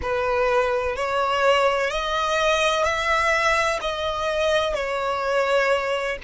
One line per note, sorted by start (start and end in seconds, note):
0.02 0.95 B4
0.95 1.90 C#5
1.90 2.84 D#5
2.84 3.79 E5
3.81 4.74 D#5
4.74 6.16 C#5